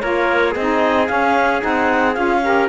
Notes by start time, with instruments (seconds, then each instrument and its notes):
0.00 cello A#3, saxophone F4, trumpet A#4, clarinet C#5
0.51 cello C4, trumpet G#4, clarinet D#5
0.60 saxophone D#4
1.07 saxophone C#4, cello C#4, clarinet F5
1.61 cello C4, saxophone D#4, clarinet F#5
2.14 cello C#4, saxophone F4, clarinet F5
2.43 saxophone G4, trumpet A#4